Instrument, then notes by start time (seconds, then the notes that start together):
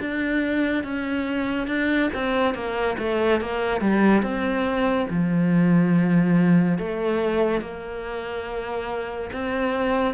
cello
0.00 D4
0.83 C#4
1.67 D4
2.14 C4
2.54 A#3
2.98 A3
3.41 A#3
3.81 G3
4.22 C4
5.10 F3
6.78 A3
7.61 A#3
9.33 C4